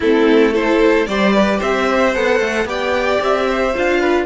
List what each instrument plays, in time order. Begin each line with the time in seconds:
0.00 cello A3, viola C4, violin E4 A4
0.52 viola E4, violin A4 C5
1.06 cello G3, viola G4, violin C5 D5
1.34 violin B4
1.58 cello C4, violin C5 E5
2.14 cello B3, viola A4, violin F#5
2.40 cello A3
2.65 cello B3, viola G4, violin D5 G5
3.20 cello C4, violin E5
3.49 violin C5
3.75 cello D4, viola F4, violin F5
4.00 violin B4